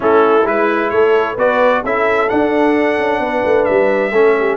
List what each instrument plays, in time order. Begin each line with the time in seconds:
0.00 tuba A3, trombone C#4, horn E4, trumpet A4
0.45 tuba G#3, trombone E4, trumpet B4
0.90 tuba A3, horn A4, trumpet C#5
1.34 tuba B3, trombone F#4, horn B4, trumpet D5
1.84 tuba C#4, trombone E4, horn A4, trumpet E5
2.29 trombone D4, tuba D4, trumpet F#5
2.98 tuba C#4
3.19 tuba B3, horn B4
3.45 tuba A3
3.64 tuba G3, trumpet E5
4.11 tuba A3, trombone C#4, horn A4
4.39 horn G4